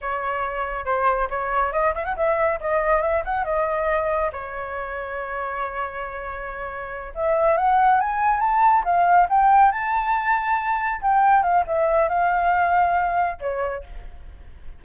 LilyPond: \new Staff \with { instrumentName = "flute" } { \time 4/4 \tempo 4 = 139 cis''2 c''4 cis''4 | dis''8 e''16 fis''16 e''4 dis''4 e''8 fis''8 | dis''2 cis''2~ | cis''1~ |
cis''8 e''4 fis''4 gis''4 a''8~ | a''8 f''4 g''4 a''4.~ | a''4. g''4 f''8 e''4 | f''2. cis''4 | }